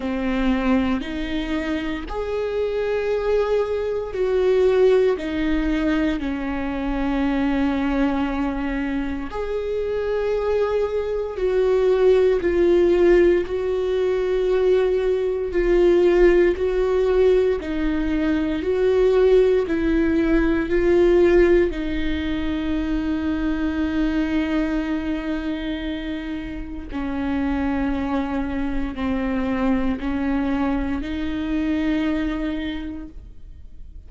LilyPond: \new Staff \with { instrumentName = "viola" } { \time 4/4 \tempo 4 = 58 c'4 dis'4 gis'2 | fis'4 dis'4 cis'2~ | cis'4 gis'2 fis'4 | f'4 fis'2 f'4 |
fis'4 dis'4 fis'4 e'4 | f'4 dis'2.~ | dis'2 cis'2 | c'4 cis'4 dis'2 | }